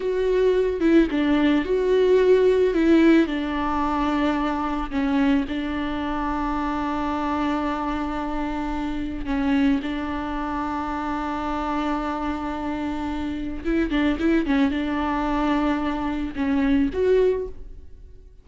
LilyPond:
\new Staff \with { instrumentName = "viola" } { \time 4/4 \tempo 4 = 110 fis'4. e'8 d'4 fis'4~ | fis'4 e'4 d'2~ | d'4 cis'4 d'2~ | d'1~ |
d'4 cis'4 d'2~ | d'1~ | d'4 e'8 d'8 e'8 cis'8 d'4~ | d'2 cis'4 fis'4 | }